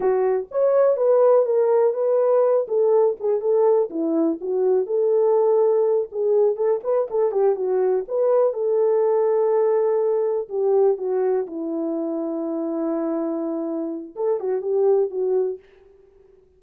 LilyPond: \new Staff \with { instrumentName = "horn" } { \time 4/4 \tempo 4 = 123 fis'4 cis''4 b'4 ais'4 | b'4. a'4 gis'8 a'4 | e'4 fis'4 a'2~ | a'8 gis'4 a'8 b'8 a'8 g'8 fis'8~ |
fis'8 b'4 a'2~ a'8~ | a'4. g'4 fis'4 e'8~ | e'1~ | e'4 a'8 fis'8 g'4 fis'4 | }